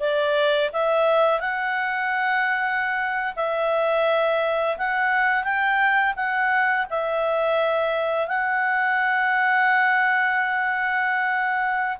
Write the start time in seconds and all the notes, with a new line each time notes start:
0.00 D5
0.73 E5
1.40 F#5
3.36 E5
4.78 F#5
5.44 G5
6.16 F#5
6.90 E5
8.27 F#5